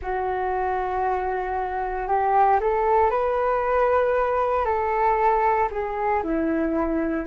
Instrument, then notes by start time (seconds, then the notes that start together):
flute
0.01 F#4
2.07 G4
2.60 A4
3.10 B4
4.65 A4
5.71 G#4
6.23 E4